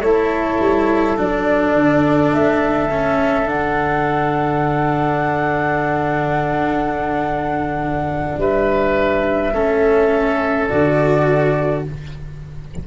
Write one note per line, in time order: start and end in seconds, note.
0.00 0.58 A3
0.00 1.17 E4
0.00 8.40 A4
0.00 1.17 C#5
0.60 1.17 G3
1.17 1.75 F#3
1.17 2.90 D4
1.17 2.34 D5
1.75 2.32 D3
2.33 3.47 A3
2.33 3.49 E5
2.91 3.47 C#4
3.47 8.37 D3
3.47 9.52 D4
3.47 8.39 F#5
8.37 9.53 G3
8.37 9.54 B4
8.37 10.68 E5
9.54 10.69 A3
9.54 10.69 C#4
9.54 11.85 A4
10.68 11.87 D3
10.68 11.85 F#4
10.68 11.83 D5